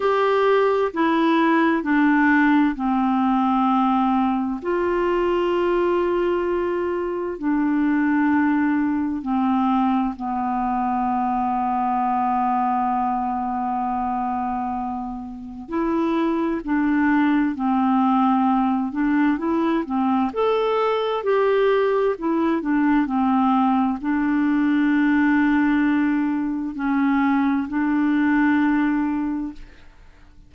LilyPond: \new Staff \with { instrumentName = "clarinet" } { \time 4/4 \tempo 4 = 65 g'4 e'4 d'4 c'4~ | c'4 f'2. | d'2 c'4 b4~ | b1~ |
b4 e'4 d'4 c'4~ | c'8 d'8 e'8 c'8 a'4 g'4 | e'8 d'8 c'4 d'2~ | d'4 cis'4 d'2 | }